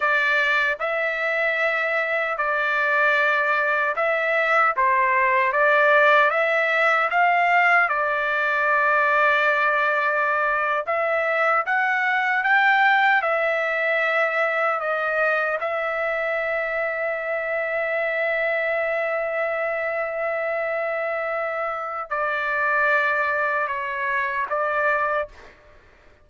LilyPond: \new Staff \with { instrumentName = "trumpet" } { \time 4/4 \tempo 4 = 76 d''4 e''2 d''4~ | d''4 e''4 c''4 d''4 | e''4 f''4 d''2~ | d''4.~ d''16 e''4 fis''4 g''16~ |
g''8. e''2 dis''4 e''16~ | e''1~ | e''1 | d''2 cis''4 d''4 | }